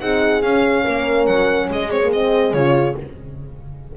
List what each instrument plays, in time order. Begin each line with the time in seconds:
0.00 double bass C4, horn D#4 G#4, violin F#5
0.42 double bass C#4, horn C#4, violin F5
0.83 double bass A#3, horn A#4
1.26 double bass F#3, violin F#5
1.69 double bass G#3, horn G#4, violin D#5
1.90 horn C4, violin C#5
2.03 horn A#3
2.13 horn C4, violin D#5
2.53 double bass C#3, horn F4, violin C#5